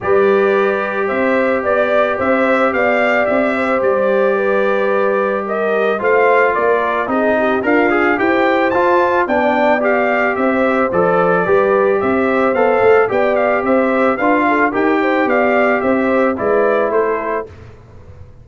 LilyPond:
<<
  \new Staff \with { instrumentName = "trumpet" } { \time 4/4 \tempo 4 = 110 d''2 e''4 d''4 | e''4 f''4 e''4 d''4~ | d''2 dis''4 f''4 | d''4 dis''4 f''4 g''4 |
a''4 g''4 f''4 e''4 | d''2 e''4 f''4 | g''8 f''8 e''4 f''4 g''4 | f''4 e''4 d''4 c''4 | }
  \new Staff \with { instrumentName = "horn" } { \time 4/4 b'2 c''4 d''4 | c''4 d''4. c''4. | b'2 ais'4 c''4 | ais'4 gis'8 g'8 f'4 c''4~ |
c''4 d''2 c''4~ | c''4 b'4 c''2 | d''4 c''4 b'8 a'8 ais'8 c''8 | d''4 c''4 b'4 a'4 | }
  \new Staff \with { instrumentName = "trombone" } { \time 4/4 g'1~ | g'1~ | g'2. f'4~ | f'4 dis'4 ais'8 gis'8 g'4 |
f'4 d'4 g'2 | a'4 g'2 a'4 | g'2 f'4 g'4~ | g'2 e'2 | }
  \new Staff \with { instrumentName = "tuba" } { \time 4/4 g2 c'4 b4 | c'4 b4 c'4 g4~ | g2. a4 | ais4 c'4 d'4 e'4 |
f'4 b2 c'4 | f4 g4 c'4 b8 a8 | b4 c'4 d'4 dis'4 | b4 c'4 gis4 a4 | }
>>